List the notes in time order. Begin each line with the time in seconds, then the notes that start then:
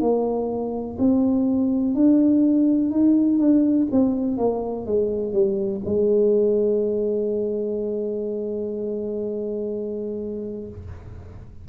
0.00 A#3
0.99 C4
1.95 D4
2.91 D#4
3.39 D4
3.91 C4
4.38 A#3
4.86 G#3
5.33 G3
5.85 G#3